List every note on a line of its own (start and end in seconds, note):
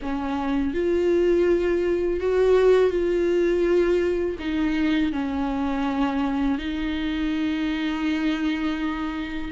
0.02 0.74 C#4
0.74 2.20 F4
2.20 2.90 F#4
2.90 4.36 F4
4.39 5.12 D#4
5.12 6.58 C#4
6.58 9.51 D#4